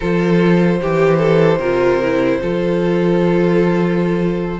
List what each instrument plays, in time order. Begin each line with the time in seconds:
0.00 cello F3, viola F4, violin A4 C5
0.81 cello E3, violin G4, viola G4
1.18 violin A4
1.58 cello C3, viola F4, violin A#4
2.02 viola E4
2.41 cello F3, viola F4, violin A4